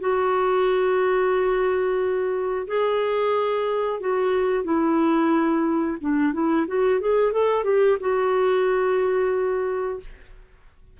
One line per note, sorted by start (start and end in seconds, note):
0.00 2.67 F#4
2.67 4.00 G#4
4.00 4.64 F#4
4.64 5.98 E4
6.01 6.33 D4
6.33 6.66 E4
6.67 7.00 F#4
7.00 7.32 G#4
7.32 7.64 A4
7.64 7.98 G4
8.00 10.00 F#4